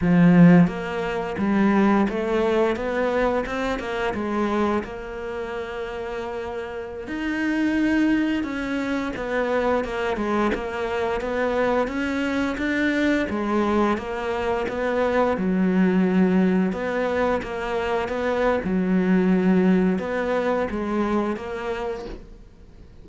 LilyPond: \new Staff \with { instrumentName = "cello" } { \time 4/4 \tempo 4 = 87 f4 ais4 g4 a4 | b4 c'8 ais8 gis4 ais4~ | ais2~ ais16 dis'4.~ dis'16~ | dis'16 cis'4 b4 ais8 gis8 ais8.~ |
ais16 b4 cis'4 d'4 gis8.~ | gis16 ais4 b4 fis4.~ fis16~ | fis16 b4 ais4 b8. fis4~ | fis4 b4 gis4 ais4 | }